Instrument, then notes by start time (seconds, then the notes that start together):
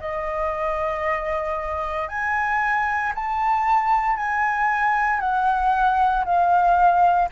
flute
0.00 D#5
2.08 G#5
3.15 A5
4.16 G#5
5.20 F#5
6.25 F5